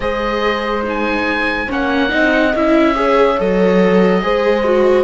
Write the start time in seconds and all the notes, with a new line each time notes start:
0.00 G#3 G#4 C5 D#5
0.83 D#4 G#5
1.67 A#3 C#4 C#5 F#5
2.08 C4 D#4 D#5
2.54 C#4 E4 E5
2.95 G#4 C#5
3.37 F#3 A4 D#5
4.21 G#3 G#4 C5
4.64 F#4